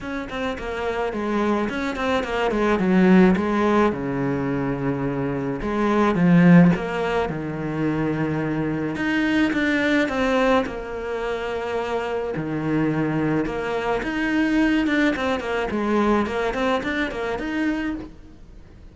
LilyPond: \new Staff \with { instrumentName = "cello" } { \time 4/4 \tempo 4 = 107 cis'8 c'8 ais4 gis4 cis'8 c'8 | ais8 gis8 fis4 gis4 cis4~ | cis2 gis4 f4 | ais4 dis2. |
dis'4 d'4 c'4 ais4~ | ais2 dis2 | ais4 dis'4. d'8 c'8 ais8 | gis4 ais8 c'8 d'8 ais8 dis'4 | }